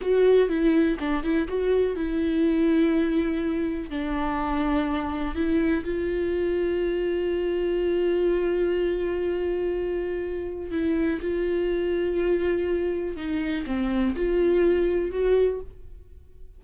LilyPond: \new Staff \with { instrumentName = "viola" } { \time 4/4 \tempo 4 = 123 fis'4 e'4 d'8 e'8 fis'4 | e'1 | d'2. e'4 | f'1~ |
f'1~ | f'2 e'4 f'4~ | f'2. dis'4 | c'4 f'2 fis'4 | }